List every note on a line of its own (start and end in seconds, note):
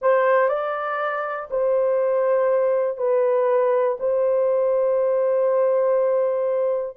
0.01 0.48 C5
0.48 1.48 D5
1.50 2.97 C5
2.97 3.97 B4
4.00 6.97 C5